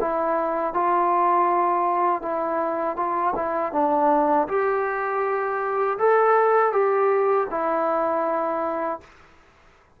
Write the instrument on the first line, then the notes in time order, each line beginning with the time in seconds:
trombone
0.00 E4
0.73 F4
2.21 E4
2.96 F4
3.35 E4
3.72 D4
4.48 G4
5.98 A4
6.72 G4
7.50 E4